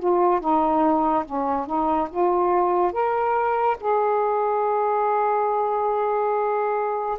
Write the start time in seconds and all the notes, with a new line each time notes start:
0.00 F4
0.41 D#4
1.26 C#4
1.67 D#4
2.11 F4
2.93 A#4
3.81 G#4